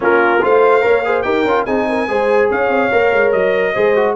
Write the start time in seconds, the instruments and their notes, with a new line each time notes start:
0.00 tuba A#3, trombone C#4, horn F4, trumpet A#4
0.41 tuba A3, trombone F4, horn C5, trumpet F5
0.81 tuba A#3, trombone A#4, horn C#5
1.04 trombone G#4, horn C5
1.22 tuba D#4, trombone G4, horn A#4, trumpet G5
1.45 tuba C#4, trombone F4
1.65 tuba C4, trombone D#4, horn G#4, trumpet G#5
1.89 horn A#4
2.07 tuba G#3, trombone G#4, horn C5
2.49 tuba C#4, horn C#5, trumpet F5
2.68 tuba C4
2.91 tuba A#3, trombone A#4
3.12 tuba G#3
3.32 tuba F#3, trumpet D#5
3.73 tuba G#3, trombone G#4, horn C5
3.95 trombone F#4